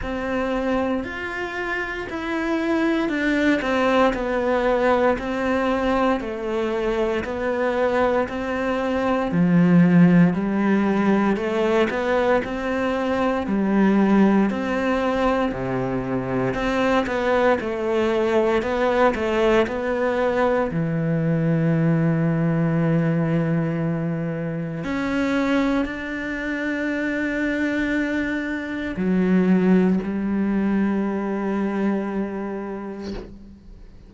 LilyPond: \new Staff \with { instrumentName = "cello" } { \time 4/4 \tempo 4 = 58 c'4 f'4 e'4 d'8 c'8 | b4 c'4 a4 b4 | c'4 f4 g4 a8 b8 | c'4 g4 c'4 c4 |
c'8 b8 a4 b8 a8 b4 | e1 | cis'4 d'2. | fis4 g2. | }